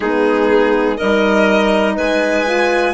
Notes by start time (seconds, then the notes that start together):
0.00 G#3 B3 D#4 G#4
0.96 G3 D#4 A#4 D#5
1.95 G#3 B4 G#5
2.46 F4